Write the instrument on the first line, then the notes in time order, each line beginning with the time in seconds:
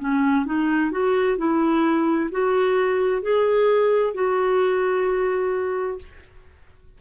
clarinet
0.00 C#4
0.46 D#4
0.91 F#4
1.38 E4
2.32 F#4
3.22 G#4
4.14 F#4